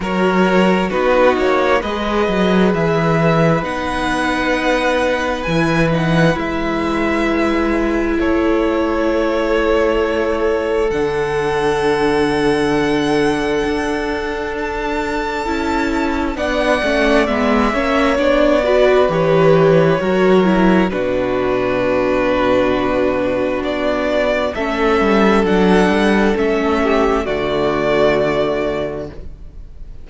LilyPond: <<
  \new Staff \with { instrumentName = "violin" } { \time 4/4 \tempo 4 = 66 cis''4 b'8 cis''8 dis''4 e''4 | fis''2 gis''8 fis''8 e''4~ | e''4 cis''2. | fis''1 |
a''2 fis''4 e''4 | d''4 cis''2 b'4~ | b'2 d''4 e''4 | fis''4 e''4 d''2 | }
  \new Staff \with { instrumentName = "violin" } { \time 4/4 ais'4 fis'4 b'2~ | b'1~ | b'4 a'2.~ | a'1~ |
a'2 d''4. cis''8~ | cis''8 b'4. ais'4 fis'4~ | fis'2. a'4~ | a'4. g'8 fis'2 | }
  \new Staff \with { instrumentName = "viola" } { \time 4/4 fis'4 dis'4 gis'2 | dis'2 e'8 dis'8 e'4~ | e'1 | d'1~ |
d'4 e'4 d'8 cis'8 b8 cis'8 | d'8 fis'8 g'4 fis'8 e'8 d'4~ | d'2. cis'4 | d'4 cis'4 a2 | }
  \new Staff \with { instrumentName = "cello" } { \time 4/4 fis4 b8 ais8 gis8 fis8 e4 | b2 e4 gis4~ | gis4 a2. | d2. d'4~ |
d'4 cis'4 b8 a8 gis8 ais8 | b4 e4 fis4 b,4~ | b,2 b4 a8 g8 | fis8 g8 a4 d2 | }
>>